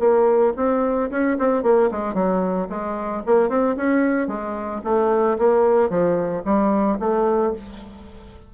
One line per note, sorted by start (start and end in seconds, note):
0.00 0.54 A#3
0.57 1.10 C4
1.11 1.37 C#4
1.39 1.63 C4
1.63 1.90 A#3
1.92 2.15 G#3
2.15 2.68 F#3
2.70 3.23 G#3
3.26 3.49 A#3
3.49 3.76 C4
3.77 4.28 C#4
4.28 4.82 G#3
4.84 5.38 A3
5.39 5.90 A#3
5.90 6.43 F3
6.45 6.98 G3
7.00 7.54 A3